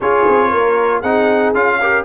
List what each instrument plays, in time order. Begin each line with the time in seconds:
0.00 tuba C#4, trombone F4, horn G#4, trumpet C#5
0.28 tuba C4
0.49 tuba A#3, horn A#4
1.00 tuba C4, trombone D#4, horn G#4, trumpet F#5
1.54 tuba C#4, trombone F4, trumpet F5
1.80 trombone G4, horn A#4